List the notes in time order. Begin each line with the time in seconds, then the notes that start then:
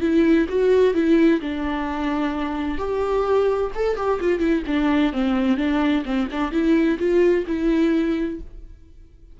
0.00 E4
0.49 F#4
0.94 E4
1.40 D4
2.78 G4
3.74 A4
3.96 G4
4.20 F4
4.39 E4
4.67 D4
5.13 C4
5.57 D4
6.05 C4
6.31 D4
6.51 E4
6.99 F4
7.47 E4